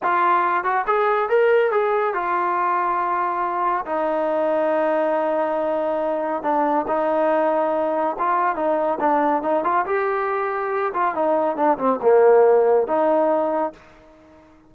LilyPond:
\new Staff \with { instrumentName = "trombone" } { \time 4/4 \tempo 4 = 140 f'4. fis'8 gis'4 ais'4 | gis'4 f'2.~ | f'4 dis'2.~ | dis'2. d'4 |
dis'2. f'4 | dis'4 d'4 dis'8 f'8 g'4~ | g'4. f'8 dis'4 d'8 c'8 | ais2 dis'2 | }